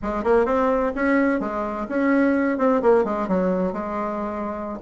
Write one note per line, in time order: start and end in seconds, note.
0.02 0.23 G#3
0.23 0.45 A#3
0.45 0.92 C4
0.95 1.40 C#4
1.40 1.86 G#3
1.88 2.58 C#4
2.58 2.81 C4
2.82 3.04 A#3
3.04 3.27 G#3
3.28 3.72 F#3
3.72 4.78 G#3